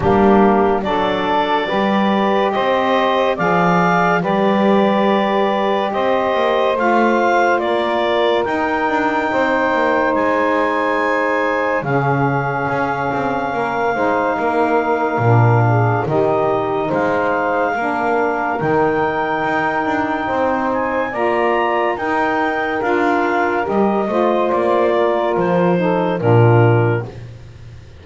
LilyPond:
<<
  \new Staff \with { instrumentName = "clarinet" } { \time 4/4 \tempo 4 = 71 g'4 d''2 dis''4 | f''4 d''2 dis''4 | f''4 d''4 g''2 | gis''2 f''2~ |
f''2. dis''4 | f''2 g''2~ | g''8 gis''8 ais''4 g''4 f''4 | dis''4 d''4 c''4 ais'4 | }
  \new Staff \with { instrumentName = "saxophone" } { \time 4/4 d'4 a'4 b'4 c''4 | d''4 b'2 c''4~ | c''4 ais'2 c''4~ | c''2 gis'2 |
ais'8 c''8 ais'4. gis'8 g'4 | c''4 ais'2. | c''4 d''4 ais'2~ | ais'8 c''4 ais'4 a'8 f'4 | }
  \new Staff \with { instrumentName = "saxophone" } { \time 4/4 ais4 d'4 g'2 | gis'4 g'2. | f'2 dis'2~ | dis'2 cis'2~ |
cis'8 dis'4. d'4 dis'4~ | dis'4 d'4 dis'2~ | dis'4 f'4 dis'4 f'4 | g'8 f'2 dis'8 d'4 | }
  \new Staff \with { instrumentName = "double bass" } { \time 4/4 g4 fis4 g4 c'4 | f4 g2 c'8 ais8 | a4 ais4 dis'8 d'8 c'8 ais8 | gis2 cis4 cis'8 c'8 |
ais8 gis8 ais4 ais,4 dis4 | gis4 ais4 dis4 dis'8 d'8 | c'4 ais4 dis'4 d'4 | g8 a8 ais4 f4 ais,4 | }
>>